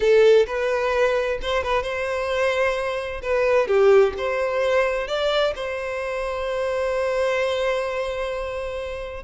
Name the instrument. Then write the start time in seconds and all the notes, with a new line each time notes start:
violin
0.00 A4
0.46 B4
1.41 C5
1.63 B4
1.83 C5
3.22 B4
3.67 G4
4.17 C5
5.07 D5
5.55 C5